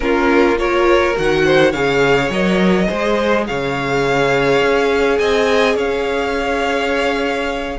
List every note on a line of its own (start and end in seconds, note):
0.00 1.16 A#3
0.00 0.55 C#4
0.00 0.59 F4
0.00 0.58 A#4
0.55 1.13 F4
0.55 1.45 A#4
0.55 1.16 C#5
1.15 1.74 D#3
1.15 1.73 F#4
1.15 1.72 F#5
1.45 1.70 C5
1.70 2.29 C#3
1.70 2.31 G#4
1.70 2.86 C#5
1.70 2.30 F5
2.29 2.87 F#3
2.29 2.87 A#4
2.29 3.46 D#5
2.87 3.48 G#3
2.87 7.77 G#4
2.87 3.45 C5
3.46 4.61 C#3
3.46 5.19 C#5
3.46 5.18 F5
4.61 5.19 C#4
5.18 5.75 C4
5.18 5.75 D#5
5.18 5.75 G#5
5.75 7.77 C#4
5.75 7.77 C#5
5.75 7.78 F5